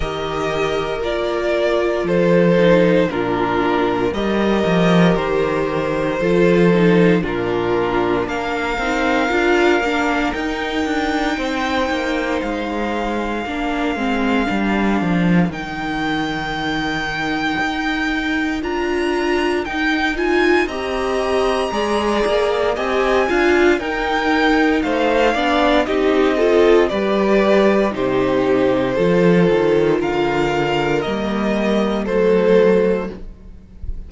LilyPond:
<<
  \new Staff \with { instrumentName = "violin" } { \time 4/4 \tempo 4 = 58 dis''4 d''4 c''4 ais'4 | dis''4 c''2 ais'4 | f''2 g''2 | f''2. g''4~ |
g''2 ais''4 g''8 gis''8 | ais''2 gis''4 g''4 | f''4 dis''4 d''4 c''4~ | c''4 f''4 dis''4 c''4 | }
  \new Staff \with { instrumentName = "violin" } { \time 4/4 ais'2 a'4 f'4 | ais'2 a'4 f'4 | ais'2. c''4~ | c''4 ais'2.~ |
ais'1 | dis''4 d''4 dis''8 f''8 ais'4 | c''8 d''8 g'8 a'8 b'4 g'4 | a'4 ais'2 a'4 | }
  \new Staff \with { instrumentName = "viola" } { \time 4/4 g'4 f'4. dis'8 d'4 | g'2 f'8 dis'8 d'4~ | d'8 dis'8 f'8 d'8 dis'2~ | dis'4 d'8 c'8 d'4 dis'4~ |
dis'2 f'4 dis'8 f'8 | g'4 gis'4 g'8 f'8 dis'4~ | dis'8 d'8 dis'8 f'8 g'4 dis'4 | f'2 ais4 a4 | }
  \new Staff \with { instrumentName = "cello" } { \time 4/4 dis4 ais4 f4 ais,4 | g8 f8 dis4 f4 ais,4 | ais8 c'8 d'8 ais8 dis'8 d'8 c'8 ais8 | gis4 ais8 gis8 g8 f8 dis4~ |
dis4 dis'4 d'4 dis'4 | c'4 gis8 ais8 c'8 d'8 dis'4 | a8 b8 c'4 g4 c4 | f8 dis8 d4 g4 fis4 | }
>>